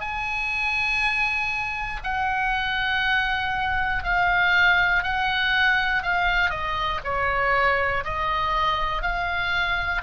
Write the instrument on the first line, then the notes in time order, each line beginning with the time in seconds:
oboe
0.00 G#5
2.04 F#5
4.03 F5
5.03 F#5
6.02 F5
6.50 D#5
7.04 C#5
8.04 D#5
9.02 F5